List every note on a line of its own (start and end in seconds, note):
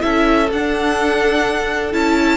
0.00 0.51 C#4
0.00 0.48 E4
0.00 2.37 A4
0.00 0.49 E5
0.51 1.93 D4
0.51 1.92 D4
0.51 1.93 F#5
1.92 2.37 C#4
1.92 2.37 E4
1.92 2.37 A5